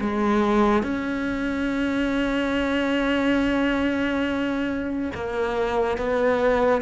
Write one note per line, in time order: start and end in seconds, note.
0.00 0.83 G#3
0.83 5.11 C#4
5.14 5.97 A#3
5.97 6.81 B3